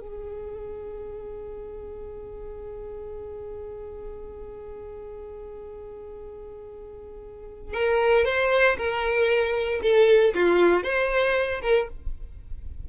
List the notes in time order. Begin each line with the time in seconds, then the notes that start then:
0.00 G#4
7.73 A#4
8.25 C5
8.77 A#4
9.82 A4
10.34 F4
10.83 C5
11.62 A#4